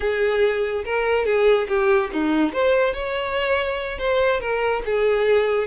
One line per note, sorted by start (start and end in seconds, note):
0.00 0.84 G#4
0.84 1.25 A#4
1.25 1.67 G#4
1.68 2.10 G4
2.12 2.52 D#4
2.52 2.93 C5
2.93 3.98 C#5
3.98 4.40 C5
4.40 4.82 A#4
4.85 5.67 G#4